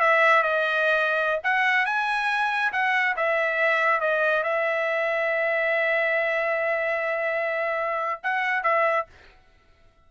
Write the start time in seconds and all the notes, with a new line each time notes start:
0.00 E5
0.43 D#5
1.44 F#5
1.86 G#5
2.72 F#5
3.16 E5
4.00 D#5
4.43 E5
8.23 F#5
8.63 E5